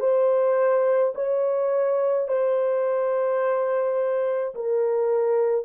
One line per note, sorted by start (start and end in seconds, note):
0.00 1.13 C5
1.15 2.28 C#5
2.28 4.55 C5
4.55 5.66 A#4